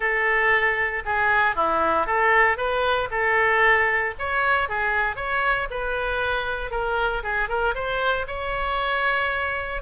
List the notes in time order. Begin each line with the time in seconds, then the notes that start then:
0.00 A4
1.05 G#4
1.55 E4
2.06 A4
2.57 B4
3.10 A4
4.18 C#5
4.68 G#4
5.16 C#5
5.70 B4
6.71 A#4
7.23 G#4
7.48 A#4
7.74 C5
8.27 C#5